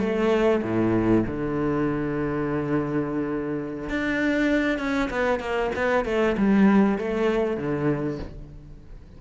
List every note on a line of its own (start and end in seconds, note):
0.00 0.62 A3
0.63 1.25 A2
1.27 3.90 D3
3.90 4.79 D4
4.79 5.10 C#4
5.11 5.40 B3
5.40 5.71 A#3
5.76 6.05 B3
6.05 6.36 A3
6.38 6.99 G3
6.99 7.57 A3
7.57 8.19 D3